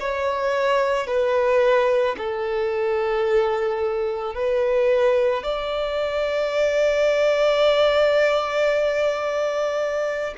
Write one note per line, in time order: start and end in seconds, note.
0.00 1.07 C#5
1.07 2.16 B4
2.18 4.35 A4
4.35 5.43 B4
5.43 10.34 D5